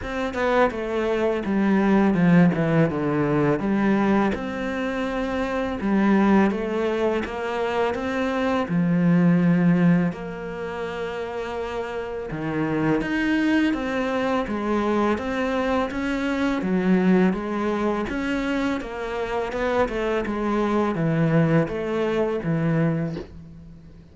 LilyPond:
\new Staff \with { instrumentName = "cello" } { \time 4/4 \tempo 4 = 83 c'8 b8 a4 g4 f8 e8 | d4 g4 c'2 | g4 a4 ais4 c'4 | f2 ais2~ |
ais4 dis4 dis'4 c'4 | gis4 c'4 cis'4 fis4 | gis4 cis'4 ais4 b8 a8 | gis4 e4 a4 e4 | }